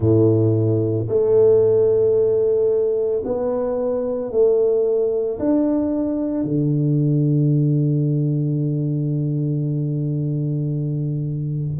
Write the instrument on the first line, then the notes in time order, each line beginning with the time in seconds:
tuba
0.00 A2
1.08 A3
3.24 B3
4.31 A3
5.39 D4
6.43 D3